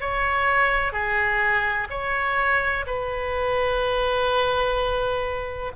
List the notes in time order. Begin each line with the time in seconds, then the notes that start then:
0.00 C#5
0.92 G#4
1.90 C#5
2.86 B4